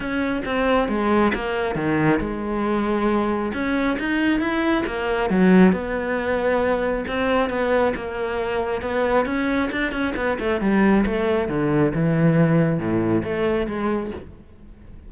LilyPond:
\new Staff \with { instrumentName = "cello" } { \time 4/4 \tempo 4 = 136 cis'4 c'4 gis4 ais4 | dis4 gis2. | cis'4 dis'4 e'4 ais4 | fis4 b2. |
c'4 b4 ais2 | b4 cis'4 d'8 cis'8 b8 a8 | g4 a4 d4 e4~ | e4 a,4 a4 gis4 | }